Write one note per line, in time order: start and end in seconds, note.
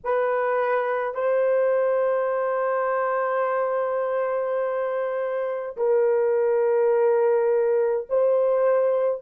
0.04 1.14 B4
1.14 5.75 C5
5.76 8.07 A#4
8.09 9.21 C5